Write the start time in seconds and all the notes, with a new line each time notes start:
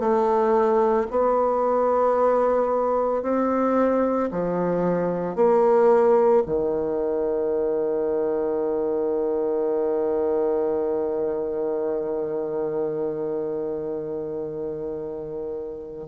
0.00 A3
1.11 B3
3.23 C4
4.31 F3
5.36 A#3
6.46 D#3